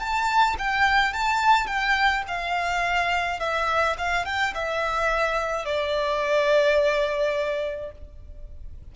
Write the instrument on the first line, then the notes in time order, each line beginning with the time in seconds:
violin
0.00 A5
0.59 G5
1.14 A5
1.67 G5
2.28 F5
3.40 E5
3.98 F5
4.26 G5
4.55 E5
5.66 D5